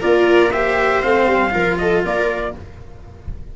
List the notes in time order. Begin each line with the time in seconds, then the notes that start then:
0.00 A#3 F4 A#4 D5
0.50 G4 C5 E5
1.02 A3 C4 F5
1.27 G3
1.50 F3 F4 A#4
1.78 A4 D#5
2.04 A#3 A#4 D5